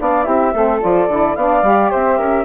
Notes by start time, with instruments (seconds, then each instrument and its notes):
0.00 bassoon B3, saxophone D4, flute D5 F5
0.24 bassoon C4, saxophone E4, flute G4 E5
0.54 bassoon A3, saxophone C4, flute A4
0.81 bassoon F3, saxophone F4, flute D5
1.08 bassoon D3, saxophone E4
1.36 bassoon B3, saxophone D4, flute D5 F5
1.63 bassoon G3, saxophone G4
1.91 bassoon C4, flute C5 E5
2.18 bassoon C#4, flute A#4